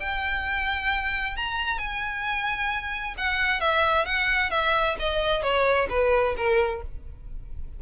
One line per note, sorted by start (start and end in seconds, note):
0.00 1.36 G5
1.36 1.79 A#5
1.79 3.15 G#5
3.18 3.60 F#5
3.60 4.05 E5
4.05 4.50 F#5
4.50 4.96 E5
4.99 5.42 D#5
5.42 5.88 C#5
5.89 6.35 B4
6.37 6.82 A#4